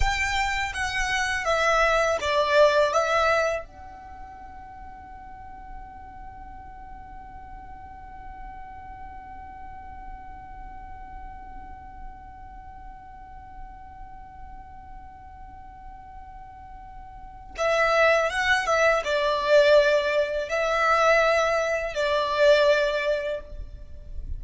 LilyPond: \new Staff \with { instrumentName = "violin" } { \time 4/4 \tempo 4 = 82 g''4 fis''4 e''4 d''4 | e''4 fis''2.~ | fis''1~ | fis''1~ |
fis''1~ | fis''1 | e''4 fis''8 e''8 d''2 | e''2 d''2 | }